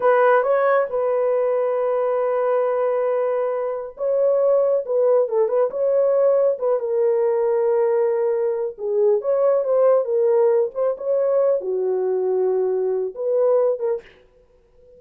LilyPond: \new Staff \with { instrumentName = "horn" } { \time 4/4 \tempo 4 = 137 b'4 cis''4 b'2~ | b'1~ | b'4 cis''2 b'4 | a'8 b'8 cis''2 b'8 ais'8~ |
ais'1 | gis'4 cis''4 c''4 ais'4~ | ais'8 c''8 cis''4. fis'4.~ | fis'2 b'4. ais'8 | }